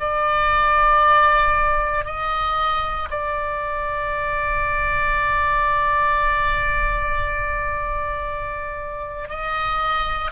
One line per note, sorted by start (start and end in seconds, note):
0.00 2.05 D5
2.05 3.09 D#5
3.11 9.30 D5
9.30 10.32 D#5